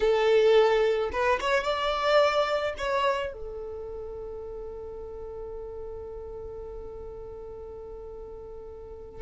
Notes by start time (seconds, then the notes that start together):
0.00 A4
1.12 B4
1.40 C#5
1.64 D5
2.77 C#5
3.32 A4